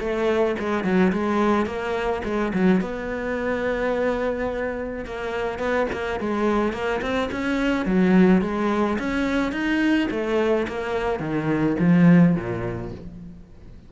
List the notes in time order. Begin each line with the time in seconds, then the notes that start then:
0.00 A3
0.60 G#3
0.84 F#3
1.13 G#3
1.66 A#3
2.25 G#3
2.54 F#3
2.81 B3
5.05 A#3
5.59 B3
5.93 A#3
6.20 G#3
6.73 A#3
7.02 C4
7.32 C#4
7.86 F#3
8.42 G#3
8.99 C#4
9.52 D#4
10.11 A3
10.68 A#3
11.20 D#3
11.80 F3
12.36 A#2